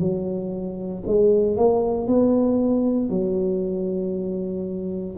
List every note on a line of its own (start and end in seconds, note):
0.00 1.03 F#3
1.07 1.56 G#3
1.56 2.07 A#3
2.07 3.09 B3
3.09 5.16 F#3